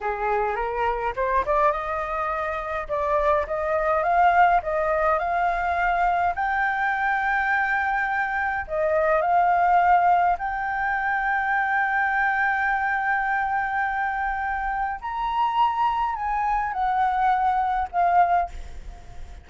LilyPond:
\new Staff \with { instrumentName = "flute" } { \time 4/4 \tempo 4 = 104 gis'4 ais'4 c''8 d''8 dis''4~ | dis''4 d''4 dis''4 f''4 | dis''4 f''2 g''4~ | g''2. dis''4 |
f''2 g''2~ | g''1~ | g''2 ais''2 | gis''4 fis''2 f''4 | }